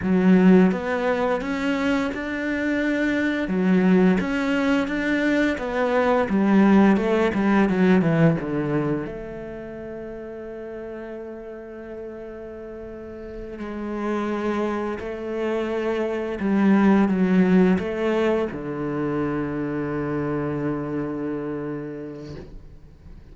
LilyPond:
\new Staff \with { instrumentName = "cello" } { \time 4/4 \tempo 4 = 86 fis4 b4 cis'4 d'4~ | d'4 fis4 cis'4 d'4 | b4 g4 a8 g8 fis8 e8 | d4 a2.~ |
a2.~ a8 gis8~ | gis4. a2 g8~ | g8 fis4 a4 d4.~ | d1 | }